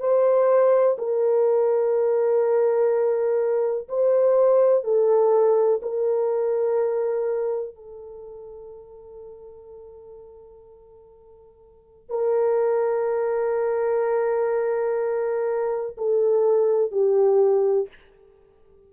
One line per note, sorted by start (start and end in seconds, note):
0.00 0.97 C5
0.98 3.88 A#4
3.89 4.84 C5
4.84 5.81 A4
5.82 7.76 A#4
7.76 12.10 A4
12.10 15.97 A#4
15.98 16.92 A4
16.92 17.89 G4